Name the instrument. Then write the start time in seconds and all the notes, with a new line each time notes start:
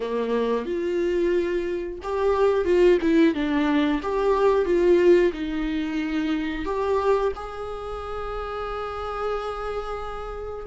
viola
0.00 A#3
0.65 F4
2.02 G4
2.64 F4
3.02 E4
3.34 D4
4.02 G4
4.65 F4
5.32 D#4
6.65 G4
7.35 G#4